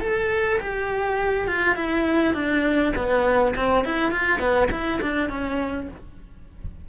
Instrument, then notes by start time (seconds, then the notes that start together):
cello
0.00 A4
0.60 G4
1.47 F4
1.75 E4
2.34 D4
2.96 B3
3.55 C4
3.84 E4
4.11 F4
4.39 B3
4.71 E4
5.01 D4
5.29 C#4